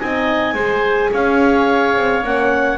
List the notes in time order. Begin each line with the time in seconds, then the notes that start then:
0.00 C4 D#4 D#5 G#5
0.54 G#3 G#4 C5
1.12 C#4 C#5 F5
1.97 C4
2.23 A#3 C#4 F#5